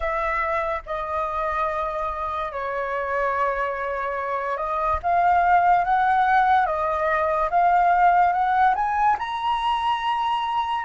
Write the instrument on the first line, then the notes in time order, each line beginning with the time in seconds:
flute
0.00 E5
0.86 D#5
2.52 C#5
4.57 D#5
5.02 F5
5.84 F#5
6.66 D#5
7.50 F5
8.33 F#5
8.75 G#5
9.19 A#5